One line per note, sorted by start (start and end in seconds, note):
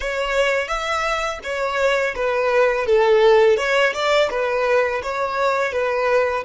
0.00 0.68 C#5
0.68 1.39 E5
1.43 2.15 C#5
2.15 2.86 B4
2.86 3.57 A4
3.57 3.93 C#5
3.93 4.29 D5
4.30 5.02 B4
5.02 5.72 C#5
5.72 6.44 B4